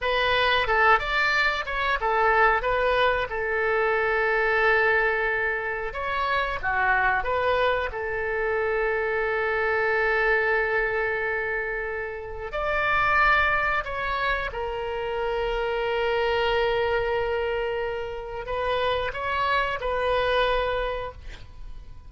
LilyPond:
\new Staff \with { instrumentName = "oboe" } { \time 4/4 \tempo 4 = 91 b'4 a'8 d''4 cis''8 a'4 | b'4 a'2.~ | a'4 cis''4 fis'4 b'4 | a'1~ |
a'2. d''4~ | d''4 cis''4 ais'2~ | ais'1 | b'4 cis''4 b'2 | }